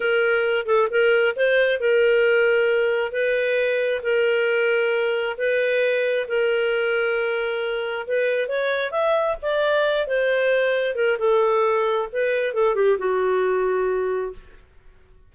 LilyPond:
\new Staff \with { instrumentName = "clarinet" } { \time 4/4 \tempo 4 = 134 ais'4. a'8 ais'4 c''4 | ais'2. b'4~ | b'4 ais'2. | b'2 ais'2~ |
ais'2 b'4 cis''4 | e''4 d''4. c''4.~ | c''8 ais'8 a'2 b'4 | a'8 g'8 fis'2. | }